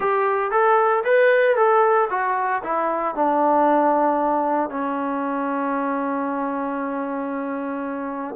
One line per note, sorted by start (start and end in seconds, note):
0.00 0.51 G4
0.51 1.03 A4
1.04 1.56 B4
1.56 2.08 A4
2.10 2.62 F#4
2.63 3.15 E4
3.15 4.70 D4
4.70 8.35 C#4